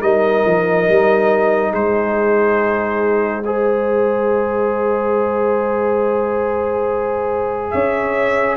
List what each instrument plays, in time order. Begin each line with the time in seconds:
0.00 tuba G3, trombone D#4, horn A#4, trumpet D#5
0.45 tuba F3
0.88 tuba G3
1.71 tuba G#3, horn G#4, trumpet C5
3.44 trombone G#4, horn C5, trumpet D#5
7.71 tuba C#4, horn C#5, trumpet E5